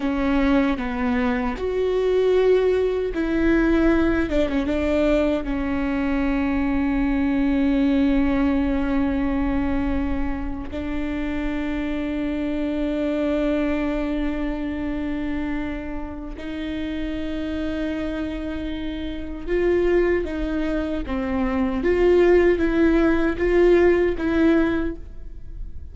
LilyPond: \new Staff \with { instrumentName = "viola" } { \time 4/4 \tempo 4 = 77 cis'4 b4 fis'2 | e'4. d'16 cis'16 d'4 cis'4~ | cis'1~ | cis'4.~ cis'16 d'2~ d'16~ |
d'1~ | d'4 dis'2.~ | dis'4 f'4 dis'4 c'4 | f'4 e'4 f'4 e'4 | }